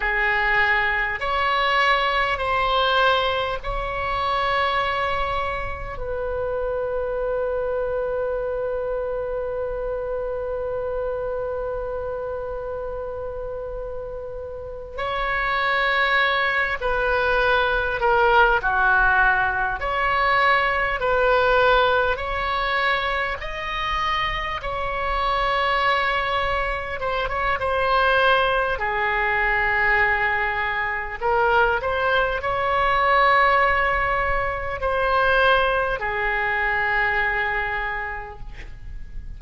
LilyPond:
\new Staff \with { instrumentName = "oboe" } { \time 4/4 \tempo 4 = 50 gis'4 cis''4 c''4 cis''4~ | cis''4 b'2.~ | b'1~ | b'8 cis''4. b'4 ais'8 fis'8~ |
fis'8 cis''4 b'4 cis''4 dis''8~ | dis''8 cis''2 c''16 cis''16 c''4 | gis'2 ais'8 c''8 cis''4~ | cis''4 c''4 gis'2 | }